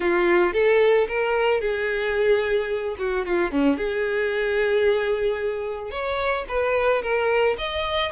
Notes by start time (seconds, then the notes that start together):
0.00 F4
0.53 A4
1.08 A#4
1.61 G#4
2.98 F#4
3.25 F4
3.51 C#4
3.77 G#4
5.90 C#5
6.48 B4
7.02 A#4
7.58 D#5